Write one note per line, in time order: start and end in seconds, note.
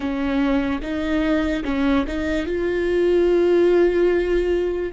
0.00 0.81 C#4
0.81 1.63 D#4
1.64 2.05 C#4
2.07 2.46 D#4
2.46 4.92 F4